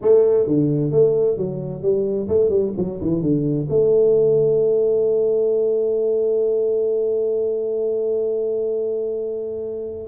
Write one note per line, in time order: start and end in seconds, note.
0.01 0.47 A3
0.47 0.91 D3
0.91 1.37 A3
1.37 1.82 F#3
1.82 2.28 G3
2.28 2.49 A3
2.49 2.72 G3
2.77 3.00 F#3
3.01 3.22 E3
3.22 3.67 D3
3.69 10.08 A3